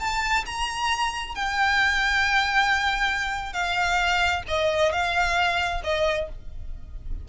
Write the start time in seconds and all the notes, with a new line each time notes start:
0.00 A5
0.46 A#5
1.35 G5
3.53 F5
4.48 D#5
4.93 F5
5.84 D#5